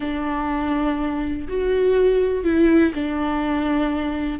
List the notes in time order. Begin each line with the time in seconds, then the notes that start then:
0.00 D4
1.48 F#4
2.44 E4
2.94 D4